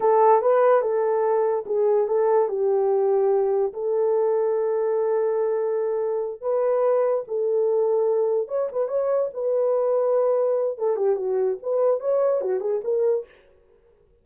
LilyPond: \new Staff \with { instrumentName = "horn" } { \time 4/4 \tempo 4 = 145 a'4 b'4 a'2 | gis'4 a'4 g'2~ | g'4 a'2.~ | a'2.~ a'8 b'8~ |
b'4. a'2~ a'8~ | a'8 cis''8 b'8 cis''4 b'4.~ | b'2 a'8 g'8 fis'4 | b'4 cis''4 fis'8 gis'8 ais'4 | }